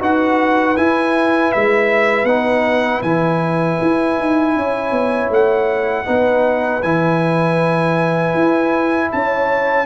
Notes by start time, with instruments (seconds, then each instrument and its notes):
0.00 tuba D#4, trombone F#4, horn B4, trumpet F#5
0.77 tuba E4, trombone E4, trumpet G#5
1.52 tuba G#3, trumpet E5
2.24 tuba B3, trombone D#4, trumpet F#5
3.02 tuba E3, trombone E4, trumpet G#5
3.81 tuba E4
4.18 tuba D#4
4.56 tuba C#4, horn C#5
4.91 tuba B3
5.29 tuba A3, trumpet F#5
6.05 tuba B3, trombone D#4, horn B4
6.82 tuba E3, trombone E4, trumpet G#5
8.34 tuba E4
9.11 tuba C#4, horn C#5, trumpet A5